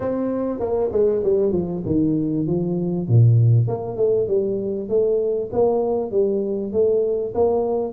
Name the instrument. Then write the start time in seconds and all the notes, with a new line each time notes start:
tuba
0.00 C4
0.59 A#3
0.92 G#3
1.23 G3
1.52 F3
1.85 D#3
2.46 F3
3.08 A#2
3.67 A#3
3.97 A3
4.27 G3
4.88 A3
5.52 A#3
6.11 G3
6.72 A3
7.34 A#3